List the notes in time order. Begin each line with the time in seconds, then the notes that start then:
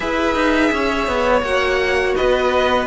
0.00 E4 G#4 B4 E5
0.34 D#4
0.72 C#4 C#5
1.07 B3
1.41 A#3 F#4 F#5
2.15 B3 B4 D#5